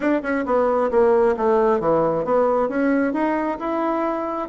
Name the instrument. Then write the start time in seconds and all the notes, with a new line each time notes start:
bassoon
0.00 D4
0.22 C#4
0.45 B3
0.90 A#3
1.36 A3
1.80 E3
2.24 B3
2.69 C#4
3.13 D#4
3.59 E4